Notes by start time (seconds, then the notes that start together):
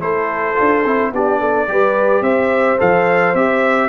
0.00 A3 E4 A4 C5
0.55 D4 F4
0.84 C4 E4
1.11 B3 D4 G4 D5
1.40 A4
1.68 G3 G4 B4
2.21 C4 C5 E5
2.78 F3 A4 F5
3.34 C4 G4 E5